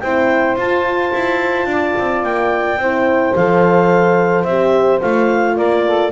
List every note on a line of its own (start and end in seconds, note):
0.00 0.56 C4
0.00 0.58 E4
0.00 1.68 C5
0.00 0.56 G5
0.56 1.12 F4
0.56 2.80 F4
0.56 2.24 A5
1.13 1.66 E4
1.66 1.93 D4
1.66 2.80 D5
1.98 2.23 C4
2.23 2.77 A#3
2.23 3.35 G5
2.77 3.33 C4
2.77 3.36 E4
2.77 5.56 C5
3.35 4.45 F3
3.35 4.47 A4
3.35 4.44 F5
4.44 5.00 C4
4.44 5.01 G4
4.44 4.99 E5
5.01 5.59 A3
5.01 6.11 F4
5.01 5.56 F5
5.56 6.11 A#3
5.56 5.83 A#4
5.56 6.11 D5
5.85 6.11 A4